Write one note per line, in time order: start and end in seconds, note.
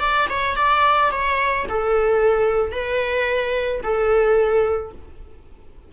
0.00 0.27 D5
0.30 0.56 C#5
0.56 1.11 D5
1.11 1.66 C#5
1.69 2.72 A4
2.72 3.81 B4
3.83 4.92 A4